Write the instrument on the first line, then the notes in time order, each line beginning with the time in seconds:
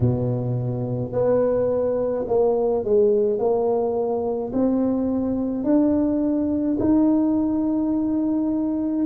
tuba
0.00 B2
1.12 B3
2.27 A#3
2.84 G#3
3.39 A#3
4.53 C4
5.63 D4
6.79 D#4